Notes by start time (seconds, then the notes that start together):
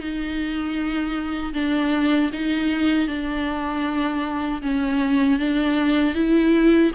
0.00 D#4
1.54 D4
2.34 D#4
3.08 D4
4.63 C#4
5.40 D4
6.15 E4